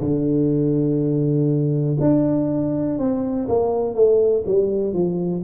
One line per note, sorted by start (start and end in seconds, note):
0.00 1.97 D3
1.99 2.98 D4
2.98 3.47 C4
3.48 3.94 A#3
3.94 4.43 A3
4.46 4.93 G3
4.93 5.42 F3